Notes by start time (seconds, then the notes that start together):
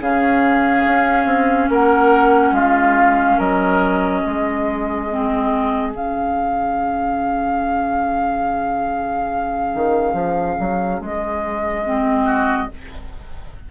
0.00 C#3 C#4 G#4 F5
0.86 C#4
1.25 C4
1.69 A#3 A#4 F#5
2.51 G#3 F4 F5
3.37 F#3 A#4 D#5
4.22 G#3 G#4
5.10 C4
5.92 C#3 C#4 F5
9.74 D#3
10.13 F3
10.59 F#3
11.00 G#3 D#5
11.85 C4
12.24 F#4